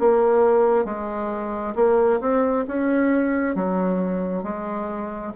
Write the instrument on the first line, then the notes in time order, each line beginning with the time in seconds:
bassoon
0.00 A#3
0.85 G#3
1.75 A#3
2.21 C4
2.68 C#4
3.56 F#3
4.44 G#3